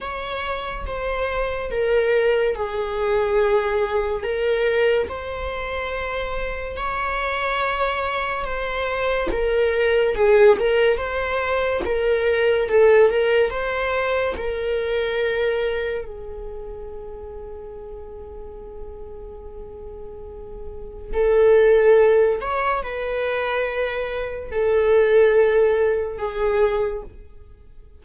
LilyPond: \new Staff \with { instrumentName = "viola" } { \time 4/4 \tempo 4 = 71 cis''4 c''4 ais'4 gis'4~ | gis'4 ais'4 c''2 | cis''2 c''4 ais'4 | gis'8 ais'8 c''4 ais'4 a'8 ais'8 |
c''4 ais'2 gis'4~ | gis'1~ | gis'4 a'4. cis''8 b'4~ | b'4 a'2 gis'4 | }